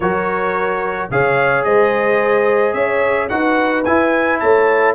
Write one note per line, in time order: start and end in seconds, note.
0.00 1.09 F#3
0.00 1.11 F#4
0.00 1.10 A#4
0.00 1.10 C#5
1.10 1.64 C#3
1.10 3.29 G#4
1.10 1.66 C#5
1.10 1.63 F5
1.63 2.73 G#3
1.63 2.75 C5
1.63 2.73 D#5
2.73 3.28 C#4
2.73 3.30 C#5
2.73 3.28 E5
3.29 3.85 D#4
3.29 3.85 F#4
3.29 4.41 B4
3.29 3.84 F#5
3.84 4.41 E4
3.84 4.94 E4
3.84 4.39 G#5
4.39 4.94 A3
4.39 4.94 C#5
4.39 4.94 A5